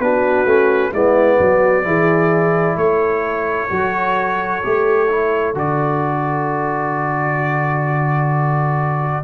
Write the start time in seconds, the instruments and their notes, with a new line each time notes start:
0.00 tuba B3, trombone D4, horn F#4, trumpet B4
0.46 tuba A3, trombone C#4
0.92 tuba G#3, trombone B3, horn E4, trumpet D5
1.39 tuba F#3, horn F#4
1.84 tuba E3, trombone E4, horn G#4
2.76 tuba A3, horn A4, trumpet C#5
3.70 tuba F#3, trombone F#4
4.63 tuba A3, trombone G4
5.09 trombone E4
5.54 tuba D3, trombone F#4, trumpet D5